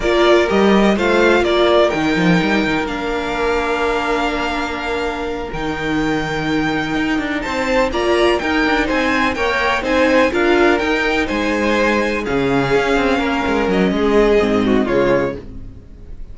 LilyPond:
<<
  \new Staff \with { instrumentName = "violin" } { \time 4/4 \tempo 4 = 125 d''4 dis''4 f''4 d''4 | g''2 f''2~ | f''2.~ f''8 g''8~ | g''2.~ g''8 a''8~ |
a''8 ais''4 g''4 gis''4 g''8~ | g''8 gis''4 f''4 g''4 gis''8~ | gis''4. f''2~ f''8~ | f''8 dis''2~ dis''8 cis''4 | }
  \new Staff \with { instrumentName = "violin" } { \time 4/4 ais'2 c''4 ais'4~ | ais'1~ | ais'1~ | ais'2.~ ais'8 c''8~ |
c''8 d''4 ais'4 c''4 cis''8~ | cis''8 c''4 ais'2 c''8~ | c''4. gis'2 ais'8~ | ais'4 gis'4. fis'8 f'4 | }
  \new Staff \with { instrumentName = "viola" } { \time 4/4 f'4 g'4 f'2 | dis'2 d'2~ | d'2.~ d'8 dis'8~ | dis'1~ |
dis'8 f'4 dis'2 ais'8~ | ais'8 dis'4 f'4 dis'4.~ | dis'4. cis'2~ cis'8~ | cis'2 c'4 gis4 | }
  \new Staff \with { instrumentName = "cello" } { \time 4/4 ais4 g4 a4 ais4 | dis8 f8 g8 dis8 ais2~ | ais2.~ ais8 dis8~ | dis2~ dis8 dis'8 d'8 c'8~ |
c'8 ais4 dis'8 d'8 c'4 ais8~ | ais8 c'4 d'4 dis'4 gis8~ | gis4. cis4 cis'8 c'8 ais8 | gis8 fis8 gis4 gis,4 cis4 | }
>>